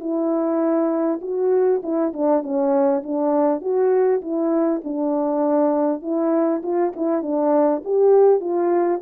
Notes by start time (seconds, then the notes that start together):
0.00 E4
1.21 F#4
1.82 E4
2.13 D4
2.42 C#4
3.03 D4
3.61 F#4
4.21 E4
4.84 D4
6.02 E4
6.62 F4
6.96 E4
7.22 D4
7.84 G4
8.40 F4